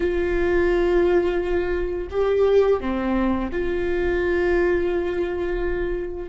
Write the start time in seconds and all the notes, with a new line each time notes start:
0.00 F4
2.10 G4
2.80 C4
3.52 F4